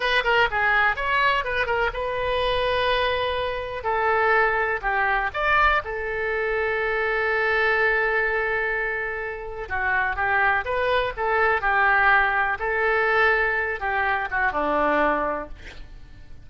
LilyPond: \new Staff \with { instrumentName = "oboe" } { \time 4/4 \tempo 4 = 124 b'8 ais'8 gis'4 cis''4 b'8 ais'8 | b'1 | a'2 g'4 d''4 | a'1~ |
a'1 | fis'4 g'4 b'4 a'4 | g'2 a'2~ | a'8 g'4 fis'8 d'2 | }